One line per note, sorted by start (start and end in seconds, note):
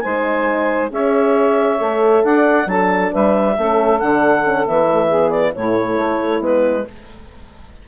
0.00 0.91 G#3
0.00 0.90 D#4
0.00 0.92 C5
0.00 0.88 G#5
0.90 1.79 C#4
0.90 1.78 G#4
0.90 2.24 C#5
0.90 2.25 E5
1.78 2.24 A3
1.78 2.66 A4
2.24 2.66 D4
2.24 2.68 D5
2.24 2.69 F#5
2.66 3.10 F#3
2.66 3.56 D4
2.66 3.12 A4
2.66 3.13 A5
3.12 3.57 G3
3.12 3.56 B4
3.12 3.99 E5
3.57 4.01 A3
3.57 4.02 C#4
3.57 5.07 A4
3.99 4.67 D3
3.99 4.43 D4
3.99 4.66 F#5
4.43 4.65 C#4
4.66 5.55 E3
4.66 4.88 B3
4.66 5.30 E5
4.88 5.10 A3
5.07 5.56 B3
5.07 5.51 G#4
5.30 5.52 D5
5.55 5.97 A2
5.55 6.40 A3
5.55 6.88 E4
5.55 6.43 C#5
5.97 6.41 A3
6.40 6.85 G#3
6.40 6.85 B3
6.40 6.87 B4